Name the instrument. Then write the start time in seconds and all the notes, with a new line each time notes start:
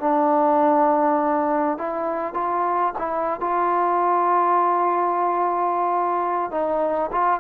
trombone
0.00 D4
1.78 E4
2.34 F4
2.99 E4
3.41 F4
6.51 D#4
7.12 F4